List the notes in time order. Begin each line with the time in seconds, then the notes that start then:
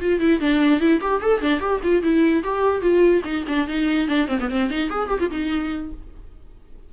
0.00 F4
0.20 E4
0.40 D4
0.80 E4
1.01 G4
1.21 A4
1.41 D4
1.60 G4
1.83 F4
2.02 E4
2.43 G4
2.81 F4
3.24 D#4
3.47 D4
3.68 D#4
4.08 D4
4.28 C4
4.40 B3
4.50 C4
4.70 D#4
4.90 G#4
5.08 G4
5.20 F4
5.30 D#4